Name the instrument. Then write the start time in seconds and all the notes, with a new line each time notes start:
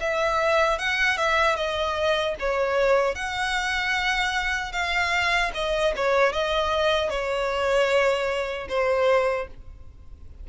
violin
0.00 E5
0.78 F#5
1.17 E5
1.56 D#5
2.39 C#5
3.15 F#5
4.72 F5
5.54 D#5
5.96 C#5
6.32 D#5
7.09 C#5
8.68 C5